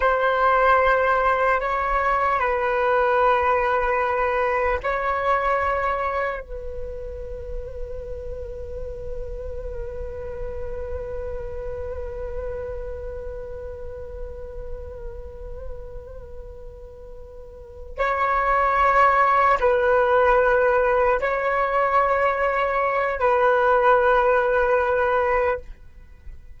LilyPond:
\new Staff \with { instrumentName = "flute" } { \time 4/4 \tempo 4 = 75 c''2 cis''4 b'4~ | b'2 cis''2 | b'1~ | b'1~ |
b'1~ | b'2~ b'8 cis''4.~ | cis''8 b'2 cis''4.~ | cis''4 b'2. | }